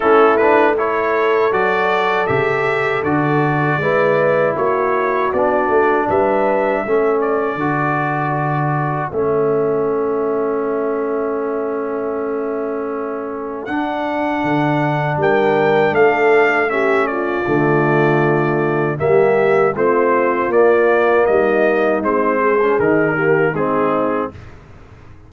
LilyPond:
<<
  \new Staff \with { instrumentName = "trumpet" } { \time 4/4 \tempo 4 = 79 a'8 b'8 cis''4 d''4 e''4 | d''2 cis''4 d''4 | e''4. d''2~ d''8 | e''1~ |
e''2 fis''2 | g''4 f''4 e''8 d''4.~ | d''4 e''4 c''4 d''4 | dis''4 c''4 ais'4 gis'4 | }
  \new Staff \with { instrumentName = "horn" } { \time 4/4 e'4 a'2.~ | a'4 b'4 fis'2 | b'4 a'2.~ | a'1~ |
a'1 | ais'4 a'4 g'8 f'4.~ | f'4 g'4 f'2 | dis'4. gis'4 g'8 dis'4 | }
  \new Staff \with { instrumentName = "trombone" } { \time 4/4 cis'8 d'8 e'4 fis'4 g'4 | fis'4 e'2 d'4~ | d'4 cis'4 fis'2 | cis'1~ |
cis'2 d'2~ | d'2 cis'4 a4~ | a4 ais4 c'4 ais4~ | ais4 c'8. cis'16 dis'8 ais8 c'4 | }
  \new Staff \with { instrumentName = "tuba" } { \time 4/4 a2 fis4 cis4 | d4 gis4 ais4 b8 a8 | g4 a4 d2 | a1~ |
a2 d'4 d4 | g4 a2 d4~ | d4 g4 a4 ais4 | g4 gis4 dis4 gis4 | }
>>